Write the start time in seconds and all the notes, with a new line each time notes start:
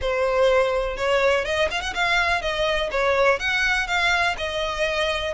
0.01 C5
0.97 C#5
1.44 D#5
1.71 F5
1.81 F#5
1.94 F5
2.41 D#5
2.91 C#5
3.39 F#5
3.87 F5
4.37 D#5